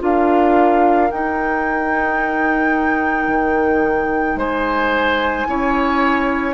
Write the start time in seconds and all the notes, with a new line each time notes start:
0.00 D4 F4 A#4 F5
1.12 D#4 G5
3.28 D#3
4.35 G#3 C5 G#5
5.47 C#4 E4 C#5